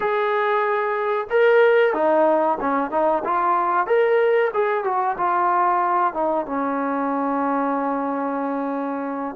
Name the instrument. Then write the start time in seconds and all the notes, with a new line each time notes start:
trombone
0.00 G#4
1.30 A#4
1.93 D#4
2.60 C#4
2.90 D#4
3.24 F4
3.87 A#4
4.53 G#4
4.84 F#4
5.17 F4
6.13 D#4
6.45 C#4